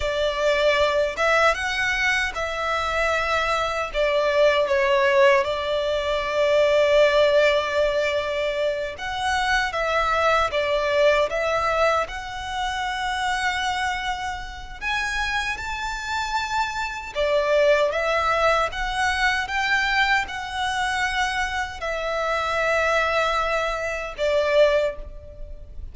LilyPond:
\new Staff \with { instrumentName = "violin" } { \time 4/4 \tempo 4 = 77 d''4. e''8 fis''4 e''4~ | e''4 d''4 cis''4 d''4~ | d''2.~ d''8 fis''8~ | fis''8 e''4 d''4 e''4 fis''8~ |
fis''2. gis''4 | a''2 d''4 e''4 | fis''4 g''4 fis''2 | e''2. d''4 | }